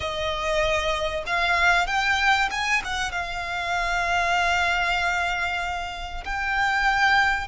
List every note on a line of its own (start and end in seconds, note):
0.00 1.24 D#5
1.26 1.86 F5
1.86 2.49 G5
2.51 2.82 G#5
2.84 3.11 F#5
3.11 6.24 F5
6.24 7.47 G5